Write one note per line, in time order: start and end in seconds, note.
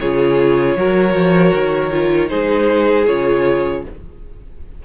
0.00 0.76 C#3
0.00 0.79 F4
0.00 0.78 G#4
0.00 2.29 C#5
0.76 1.14 F#3
0.76 1.92 F#4
0.76 2.29 A#4
1.14 1.52 F3
1.55 2.32 D#3
1.92 2.29 F4
2.29 3.08 G#3
2.29 3.06 D#4
2.29 3.83 G#4
2.29 3.06 C5
3.07 3.85 C#3
3.07 3.84 F4
3.07 3.84 C#5